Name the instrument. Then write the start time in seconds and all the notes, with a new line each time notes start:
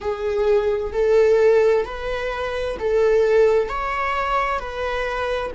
viola
0.00 G#4
0.92 A4
1.85 B4
2.79 A4
3.68 C#5
4.59 B4